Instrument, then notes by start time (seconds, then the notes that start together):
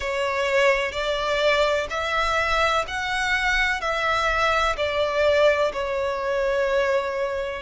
violin
0.00 C#5
0.91 D5
1.90 E5
2.87 F#5
3.81 E5
4.76 D5
5.72 C#5